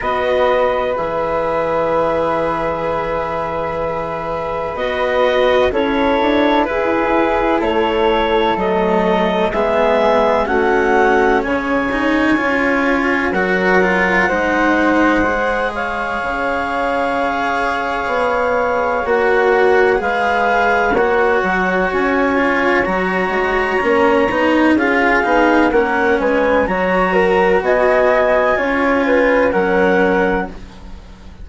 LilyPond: <<
  \new Staff \with { instrumentName = "clarinet" } { \time 4/4 \tempo 4 = 63 dis''4 e''2.~ | e''4 dis''4 cis''4 b'4 | cis''4 dis''4 e''4 fis''4 | gis''2 fis''2~ |
fis''8 f''2.~ f''8 | fis''4 f''4 fis''4 gis''4 | ais''2 f''4 fis''8 gis''8 | ais''4 gis''2 fis''4 | }
  \new Staff \with { instrumentName = "flute" } { \time 4/4 b'1~ | b'2 a'4 gis'4 | a'2 gis'4 fis'4 | cis''2 ais'4 c''4~ |
c''8 cis''2.~ cis''8~ | cis''4 b'4 cis''2~ | cis''2 gis'4 ais'8 b'8 | cis''8 ais'8 dis''4 cis''8 b'8 ais'4 | }
  \new Staff \with { instrumentName = "cello" } { \time 4/4 fis'4 gis'2.~ | gis'4 fis'4 e'2~ | e'4 a4 b4 cis'4~ | cis'8 dis'8 f'4 fis'8 f'8 dis'4 |
gis'1 | fis'4 gis'4 fis'4. f'8 | fis'4 cis'8 dis'8 f'8 dis'8 cis'4 | fis'2 f'4 cis'4 | }
  \new Staff \with { instrumentName = "bassoon" } { \time 4/4 b4 e2.~ | e4 b4 cis'8 d'8 e'4 | a4 fis4 gis4 a4 | cis4 cis'4 fis4 gis4~ |
gis4 cis2 b4 | ais4 gis4 ais8 fis8 cis'4 | fis8 gis8 ais8 b8 cis'8 b8 ais8 gis8 | fis4 b4 cis'4 fis4 | }
>>